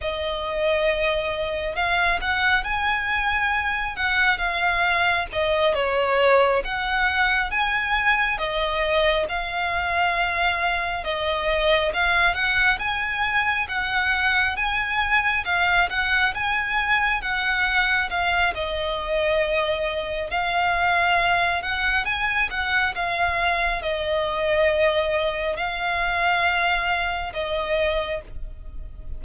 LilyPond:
\new Staff \with { instrumentName = "violin" } { \time 4/4 \tempo 4 = 68 dis''2 f''8 fis''8 gis''4~ | gis''8 fis''8 f''4 dis''8 cis''4 fis''8~ | fis''8 gis''4 dis''4 f''4.~ | f''8 dis''4 f''8 fis''8 gis''4 fis''8~ |
fis''8 gis''4 f''8 fis''8 gis''4 fis''8~ | fis''8 f''8 dis''2 f''4~ | f''8 fis''8 gis''8 fis''8 f''4 dis''4~ | dis''4 f''2 dis''4 | }